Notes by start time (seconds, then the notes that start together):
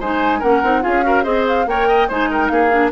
0.00 G#3 D#4 C5 G#5
0.39 A#3 C#4 A#4 F#5
0.63 C4 D#4
0.82 C#4 F4 G#4 F5
1.03 F#4 A#4
1.24 C4 G#4 C5 D#5
1.48 F5
1.67 A#3 A#4 C#5 G5
1.88 D#5
2.08 G#3 D#4 C5 G#5
2.31 A#4 G5
2.49 A#3 G#4 F5
2.71 D4